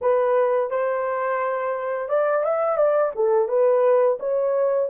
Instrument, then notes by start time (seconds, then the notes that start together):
horn
0.01 B4
0.70 C5
2.09 D5
2.44 E5
2.76 D5
3.15 A4
3.48 B4
4.19 C#5